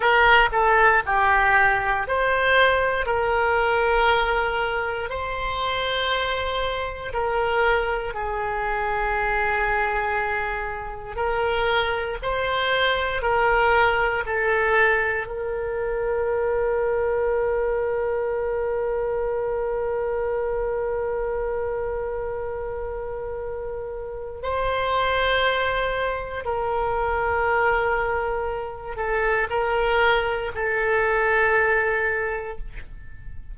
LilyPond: \new Staff \with { instrumentName = "oboe" } { \time 4/4 \tempo 4 = 59 ais'8 a'8 g'4 c''4 ais'4~ | ais'4 c''2 ais'4 | gis'2. ais'4 | c''4 ais'4 a'4 ais'4~ |
ais'1~ | ais'1 | c''2 ais'2~ | ais'8 a'8 ais'4 a'2 | }